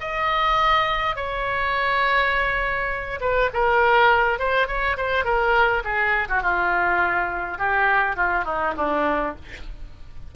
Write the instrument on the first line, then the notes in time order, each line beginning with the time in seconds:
oboe
0.00 D#5
1.16 C#5
3.20 B4
3.53 A#4
4.39 C5
4.67 C#5
4.97 C5
5.25 A#4
5.84 G#4
6.28 F#4
6.42 F4
7.58 G4
8.16 F4
8.44 D#4
8.77 D4